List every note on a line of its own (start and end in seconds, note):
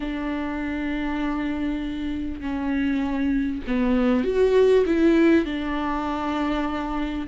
0.00 2.40 D4
2.40 3.61 C#4
3.67 4.24 B3
4.24 4.84 F#4
4.86 5.45 E4
5.45 7.27 D4